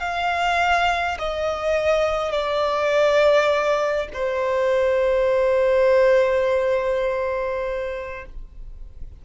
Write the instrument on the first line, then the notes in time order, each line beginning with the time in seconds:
violin
0.00 F5
1.19 D#5
2.32 D5
4.13 C5